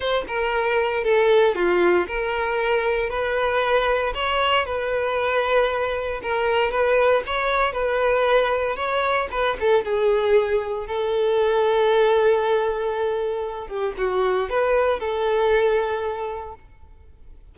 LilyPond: \new Staff \with { instrumentName = "violin" } { \time 4/4 \tempo 4 = 116 c''8 ais'4. a'4 f'4 | ais'2 b'2 | cis''4 b'2. | ais'4 b'4 cis''4 b'4~ |
b'4 cis''4 b'8 a'8 gis'4~ | gis'4 a'2.~ | a'2~ a'8 g'8 fis'4 | b'4 a'2. | }